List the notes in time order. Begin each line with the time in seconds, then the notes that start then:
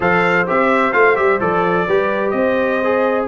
0.00 F3 A4 C5 F5
0.46 C4 G4 E5
0.92 A3 F4 F5
1.15 G3 G4 E5
1.40 F3 A4 D5
1.87 G3 G4 B4
2.30 C4 C5 D#5
2.84 G#4